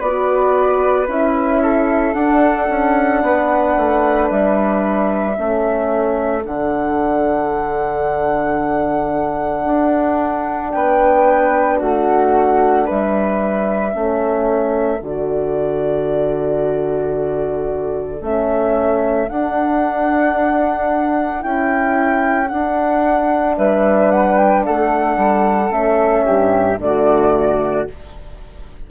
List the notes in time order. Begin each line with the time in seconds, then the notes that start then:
0.00 B3 F#4 B4 D5
1.08 C#4 E4 E5
1.62 A4
2.13 D4 F#5
2.69 C#4
3.22 B3 B4
3.77 A3
4.29 G3 E5
5.34 A3 C#4 A4
6.44 D3 D4 F#5
9.65 D4
10.71 B3 B4 G5
11.77 A3 F#4 F#5
12.85 G3 B4 E5
13.92 A3 C#4 A4
15.01 D3 F#4 D5
18.21 A3 C#4 E5
19.29 D4 F#5
21.40 C#4 E4 G5
22.48 D4 F#5
23.58 G3 B4 E5
24.11 F#5
24.37 G5
24.65 A3 A4 F#5
25.17 G3
25.70 A3 C#4 E5
26.24 G2 G4
26.78 D3 A3 F#4 D5